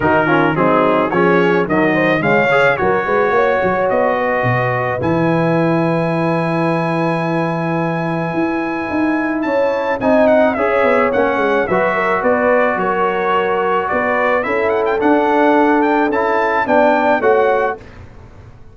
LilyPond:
<<
  \new Staff \with { instrumentName = "trumpet" } { \time 4/4 \tempo 4 = 108 ais'4 gis'4 cis''4 dis''4 | f''4 cis''2 dis''4~ | dis''4 gis''2.~ | gis''1~ |
gis''4 a''4 gis''8 fis''8 e''4 | fis''4 e''4 d''4 cis''4~ | cis''4 d''4 e''8 fis''16 g''16 fis''4~ | fis''8 g''8 a''4 g''4 fis''4 | }
  \new Staff \with { instrumentName = "horn" } { \time 4/4 fis'8 f'8 dis'4 gis'4 ais'8 c''8 | cis''4 ais'8 b'8 cis''4. b'8~ | b'1~ | b'1~ |
b'4 cis''4 dis''4 cis''4~ | cis''4 b'8 ais'8 b'4 ais'4~ | ais'4 b'4 a'2~ | a'2 d''4 cis''4 | }
  \new Staff \with { instrumentName = "trombone" } { \time 4/4 dis'8 cis'8 c'4 cis'4 fis4 | gis8 gis'8 fis'2.~ | fis'4 e'2.~ | e'1~ |
e'2 dis'4 gis'4 | cis'4 fis'2.~ | fis'2 e'4 d'4~ | d'4 e'4 d'4 fis'4 | }
  \new Staff \with { instrumentName = "tuba" } { \time 4/4 dis4 fis4 f4 dis4 | cis4 fis8 gis8 ais8 fis8 b4 | b,4 e2.~ | e2. e'4 |
dis'4 cis'4 c'4 cis'8 b8 | ais8 gis8 fis4 b4 fis4~ | fis4 b4 cis'4 d'4~ | d'4 cis'4 b4 a4 | }
>>